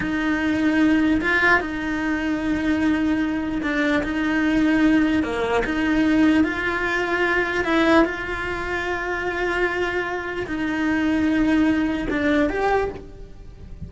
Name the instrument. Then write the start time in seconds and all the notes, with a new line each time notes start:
cello
0.00 D#4
1.21 F4
1.60 D#4
3.62 D4
4.03 D#4
5.23 A#3
5.64 D#4
6.44 F4
7.64 E4
8.04 F4
10.46 D#4
12.10 D4
12.49 G4